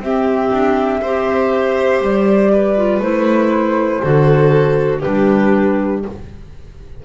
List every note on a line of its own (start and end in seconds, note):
0.00 0.50 C4
0.00 1.04 C4
0.00 1.01 G4
0.00 2.03 E5
0.52 1.02 D4
1.01 2.01 C4
1.01 2.77 G4
1.01 2.51 C5
2.01 3.00 G3
2.01 3.03 D5
2.52 4.02 B4
2.77 3.02 F4
3.00 4.00 A3
3.00 4.01 E4
3.00 5.01 C5
4.01 5.04 D3
4.01 5.01 F#4
4.01 5.00 A4
5.00 6.05 G3
5.00 6.03 D4
5.00 6.00 G4
5.00 6.01 B4